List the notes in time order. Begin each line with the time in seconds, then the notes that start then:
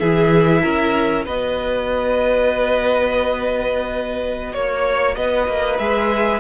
0.00 E3 E4 G#4 E5
0.63 C#4 A#4
1.25 B3 F#4 B4 D#5
4.53 A#3 C#5
5.16 B3 B4 D#5
5.48 A#3
5.78 G#3 G#4 E5